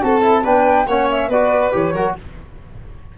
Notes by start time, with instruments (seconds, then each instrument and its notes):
0.00 tuba C4, trombone F#4, violin A4, flute A5
0.21 trombone E4
0.43 tuba B3, trombone D4, violin B4, flute G5
0.86 tuba A#3, trombone C#4, violin C#5, flute F#5
1.10 flute E5
1.28 tuba B3, trombone F#4, violin B4, flute D5
1.71 tuba E3, trombone G4, flute C#5
1.92 tuba F#3, trombone F#4, violin A#4